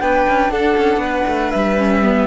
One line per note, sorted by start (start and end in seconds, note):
0.00 0.26 B3
0.00 1.78 D4
0.00 0.51 B4
0.00 0.50 G5
0.29 0.51 C#4
0.50 0.76 D4
0.50 1.02 A4
0.50 1.52 F#5
0.77 0.97 C#4
0.97 1.23 B3
0.97 2.27 B4
1.27 1.53 A3
1.52 2.27 G3
1.52 2.27 E5
1.78 2.03 C#4
2.03 2.27 B3